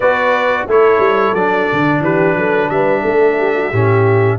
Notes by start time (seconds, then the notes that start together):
0.00 B3 F#4 B4 D5
0.66 A3 E4 A4 C#5
0.98 G3
1.33 F#3 D4 D5
1.72 D3
2.00 E3 G4 B4
2.35 F#3 A4
2.69 G3 B4 E5
3.01 A3 A4
3.38 G4
3.55 F#4
3.70 A2 C#4 G4